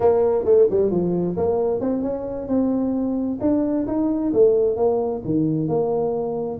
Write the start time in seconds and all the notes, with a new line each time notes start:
0.00 A#3
0.44 A3
0.70 G3
0.90 F3
1.36 A#3
1.80 C4
2.02 C#4
2.48 C4
3.40 D4
3.87 D#4
4.33 A3
4.76 A#3
5.24 D#3
5.68 A#3